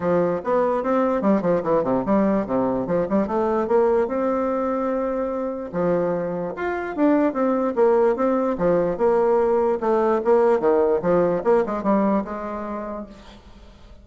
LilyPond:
\new Staff \with { instrumentName = "bassoon" } { \time 4/4 \tempo 4 = 147 f4 b4 c'4 g8 f8 | e8 c8 g4 c4 f8 g8 | a4 ais4 c'2~ | c'2 f2 |
f'4 d'4 c'4 ais4 | c'4 f4 ais2 | a4 ais4 dis4 f4 | ais8 gis8 g4 gis2 | }